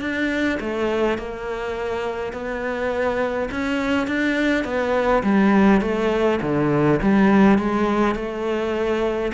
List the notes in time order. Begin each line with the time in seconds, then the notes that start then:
0.00 D4
0.60 A3
1.18 A#3
2.32 B3
3.51 C#4
4.07 D4
4.64 B3
5.23 G3
5.81 A3
6.41 D3
7.02 G3
7.58 G#3
8.15 A3